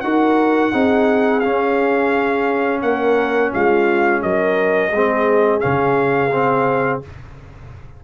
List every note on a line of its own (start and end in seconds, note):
0.00 0.73 D#4
0.00 0.72 F#4
0.00 0.72 A#4
0.00 1.40 F#5
0.72 1.43 C4
0.72 1.42 D#4
0.72 2.81 G#4
1.40 2.82 C#4
1.40 4.92 C#4
1.40 2.79 F5
2.81 3.52 A#3
2.81 3.51 A#4
2.81 3.51 F#5
3.51 4.23 G#3
3.51 4.21 F4
3.51 4.22 F5
4.22 4.91 F#3
4.22 4.91 A#4
4.22 5.60 D#5
4.91 5.61 G#3
4.91 5.60 C4
4.91 7.02 G#4
5.60 7.04 C#3
5.60 6.30 C#4
5.60 6.99 F5
6.32 7.02 C4